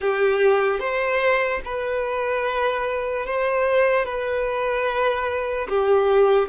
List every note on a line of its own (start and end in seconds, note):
0.00 0.79 G4
0.79 1.60 C5
1.64 3.25 B4
3.25 4.05 C5
4.05 5.67 B4
5.69 6.48 G4